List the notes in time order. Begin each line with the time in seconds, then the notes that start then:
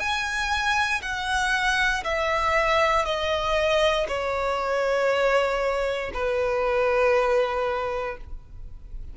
0.00 G#5
1.02 F#5
2.04 E5
3.06 D#5
4.08 C#5
6.14 B4